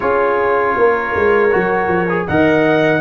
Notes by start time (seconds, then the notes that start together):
0.00 C#4 F4 G#4 C#5
0.77 A#3 A#4
1.15 G#3
1.51 F#3 F#4
1.87 F3
2.09 G#4
2.27 D#3 A#4 D#5 F#5